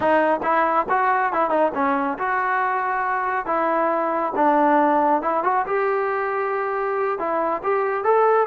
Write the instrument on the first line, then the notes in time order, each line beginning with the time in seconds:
trombone
0.00 D#4
0.42 E4
0.89 F#4
1.32 E4
1.50 D#4
1.74 C#4
2.18 F#4
3.46 E4
4.35 D4
5.22 E4
5.43 F#4
5.66 G4
7.18 E4
7.63 G4
8.04 A4